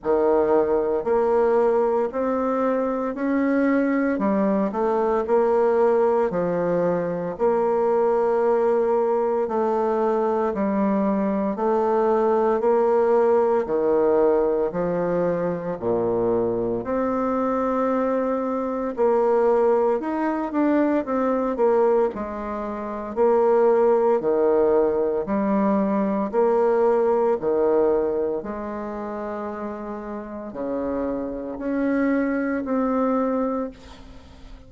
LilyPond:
\new Staff \with { instrumentName = "bassoon" } { \time 4/4 \tempo 4 = 57 dis4 ais4 c'4 cis'4 | g8 a8 ais4 f4 ais4~ | ais4 a4 g4 a4 | ais4 dis4 f4 ais,4 |
c'2 ais4 dis'8 d'8 | c'8 ais8 gis4 ais4 dis4 | g4 ais4 dis4 gis4~ | gis4 cis4 cis'4 c'4 | }